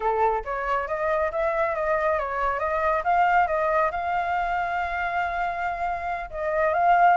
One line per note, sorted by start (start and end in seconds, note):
0.00 0.43 A4
0.44 0.87 C#5
0.87 1.31 D#5
1.31 1.75 E5
1.75 2.18 D#5
2.18 2.59 C#5
2.59 3.02 D#5
3.04 3.47 F5
3.47 3.90 D#5
3.91 6.30 F5
6.30 6.73 D#5
6.73 7.16 F5